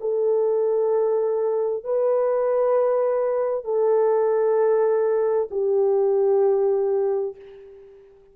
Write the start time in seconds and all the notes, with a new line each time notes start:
0.00 A4
1.84 B4
3.64 A4
5.50 G4